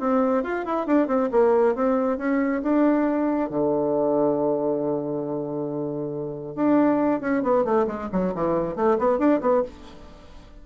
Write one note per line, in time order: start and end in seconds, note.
0.00 0.44 C4
0.44 0.65 F4
0.66 0.87 E4
0.87 1.08 D4
1.08 1.30 C4
1.32 1.75 A#3
1.75 2.18 C4
2.18 2.62 C#4
2.63 3.50 D4
3.50 6.56 D3
6.56 7.21 D4
7.21 7.43 C#4
7.43 7.65 B3
7.65 7.87 A3
7.87 8.09 G#3
8.13 8.35 F#3
8.35 8.76 E3
8.76 8.98 A3
8.99 9.19 B3
9.19 9.41 D4
9.41 9.63 B3